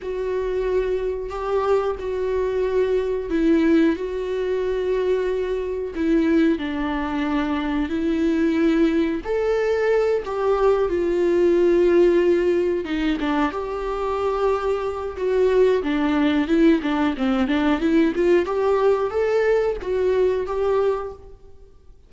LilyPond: \new Staff \with { instrumentName = "viola" } { \time 4/4 \tempo 4 = 91 fis'2 g'4 fis'4~ | fis'4 e'4 fis'2~ | fis'4 e'4 d'2 | e'2 a'4. g'8~ |
g'8 f'2. dis'8 | d'8 g'2~ g'8 fis'4 | d'4 e'8 d'8 c'8 d'8 e'8 f'8 | g'4 a'4 fis'4 g'4 | }